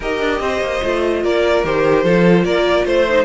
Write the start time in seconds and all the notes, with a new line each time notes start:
0.00 D#4 G4 A#4 D#5
0.20 D4
0.40 C4 C5
0.61 A#3
0.83 A3 F4
1.23 A#3 A#4 D5
1.63 D#3 G4 C5
2.03 F3 F4 A4
2.43 A#3 A#4 D5
2.85 A3 C5
3.08 D#4